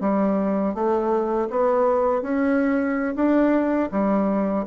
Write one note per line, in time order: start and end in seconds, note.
0.00 0.74 G3
0.74 1.48 A3
1.50 2.22 B3
2.22 3.14 C#4
3.15 3.90 D4
3.91 4.65 G3